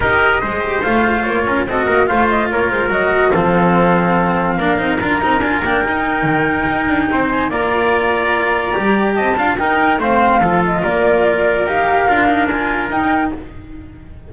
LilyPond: <<
  \new Staff \with { instrumentName = "flute" } { \time 4/4 \tempo 4 = 144 dis''2 f''4 cis''4 | dis''4 f''8 dis''8 cis''8 c''8 dis''4 | f''1 | ais''4 gis''8 g''2~ g''8~ |
g''4. gis''8 ais''2~ | ais''2 a''4 g''4 | f''4. dis''8 d''2 | f''2 gis''4 g''4 | }
  \new Staff \with { instrumentName = "trumpet" } { \time 4/4 ais'4 c''2~ c''8 ais'8 | a'8 ais'8 c''4 ais'2 | a'2. ais'4~ | ais'1~ |
ais'4 c''4 d''2~ | d''2 dis''8 f''8 ais'4 | c''4 a'4 ais'2~ | ais'1 | }
  \new Staff \with { instrumentName = "cello" } { \time 4/4 g'4 gis'8 g'8 f'2 | fis'4 f'2 fis'4 | c'2. d'8 dis'8 | f'8 dis'8 f'8 d'8 dis'2~ |
dis'2 f'2~ | f'4 g'4. f'8 dis'4 | c'4 f'2. | g'4 f'8 dis'8 f'4 dis'4 | }
  \new Staff \with { instrumentName = "double bass" } { \time 4/4 dis'4 gis4 a4 ais8 cis'8 | c'8 ais8 a4 ais8 gis8 fis4 | f2. ais8 c'8 | d'8 c'8 d'8 ais8 dis'4 dis4 |
dis'8 d'8 c'4 ais2~ | ais4 g4 c'8 d'8 dis'4 | a4 f4 ais2 | dis'4 d'2 dis'4 | }
>>